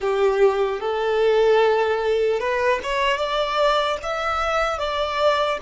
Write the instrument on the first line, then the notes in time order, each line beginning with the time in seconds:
violin
0.00 G4
0.80 A4
2.39 B4
2.83 C#5
3.17 D5
4.02 E5
4.78 D5